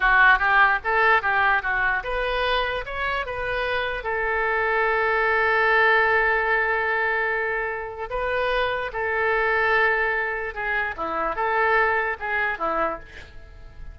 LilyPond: \new Staff \with { instrumentName = "oboe" } { \time 4/4 \tempo 4 = 148 fis'4 g'4 a'4 g'4 | fis'4 b'2 cis''4 | b'2 a'2~ | a'1~ |
a'1 | b'2 a'2~ | a'2 gis'4 e'4 | a'2 gis'4 e'4 | }